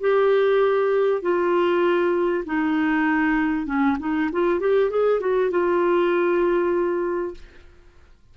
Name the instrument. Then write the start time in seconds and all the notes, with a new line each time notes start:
clarinet
0.00 G4
1.22 F4
2.45 D#4
3.66 C#4
3.99 D#4
4.32 F4
4.60 G4
4.90 G#4
5.20 F#4
5.50 F4